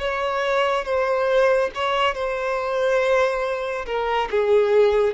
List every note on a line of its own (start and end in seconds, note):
0.00 0.85 C#5
0.85 1.71 C5
1.75 2.15 C#5
2.15 3.86 C5
3.86 4.29 A#4
4.31 5.14 G#4